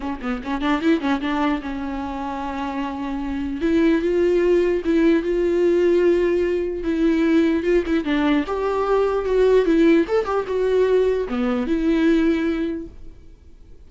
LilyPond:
\new Staff \with { instrumentName = "viola" } { \time 4/4 \tempo 4 = 149 cis'8 b8 cis'8 d'8 e'8 cis'8 d'4 | cis'1~ | cis'4 e'4 f'2 | e'4 f'2.~ |
f'4 e'2 f'8 e'8 | d'4 g'2 fis'4 | e'4 a'8 g'8 fis'2 | b4 e'2. | }